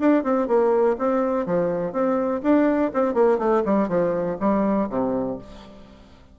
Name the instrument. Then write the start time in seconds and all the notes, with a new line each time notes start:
bassoon
0.00 D4
0.24 C4
0.48 A#3
0.98 C4
1.46 F3
1.93 C4
2.43 D4
2.94 C4
3.14 A#3
3.38 A3
3.65 G3
3.88 F3
4.40 G3
4.90 C3